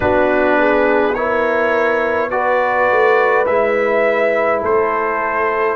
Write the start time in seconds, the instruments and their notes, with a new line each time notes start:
0.00 tuba B3, trombone D4, horn F#4, trumpet B4
0.58 horn G#4
1.14 trombone E4, horn A#4, trumpet C#5
2.30 trombone F#4, horn B4, trumpet D5
2.89 tuba A3
3.46 tuba G#3, trombone E4, trumpet E5
4.61 tuba A3, horn A4, trumpet C5